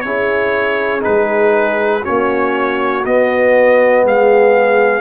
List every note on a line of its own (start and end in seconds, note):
0.00 1.04 C#4
0.00 1.00 E4
0.00 2.03 G#4
0.00 1.00 C#5
1.00 2.05 G#3
1.00 2.00 D#4
1.00 2.04 B4
2.03 3.05 A#3
2.03 3.04 C#4
2.03 4.03 F#4
2.03 3.04 C#5
3.05 5.00 B3
3.05 4.03 B3
3.05 4.05 D#5
4.03 5.00 G#3
4.03 5.00 G#4
4.03 5.00 F5